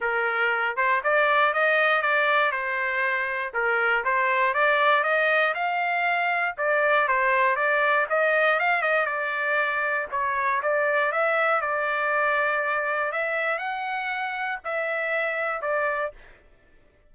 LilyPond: \new Staff \with { instrumentName = "trumpet" } { \time 4/4 \tempo 4 = 119 ais'4. c''8 d''4 dis''4 | d''4 c''2 ais'4 | c''4 d''4 dis''4 f''4~ | f''4 d''4 c''4 d''4 |
dis''4 f''8 dis''8 d''2 | cis''4 d''4 e''4 d''4~ | d''2 e''4 fis''4~ | fis''4 e''2 d''4 | }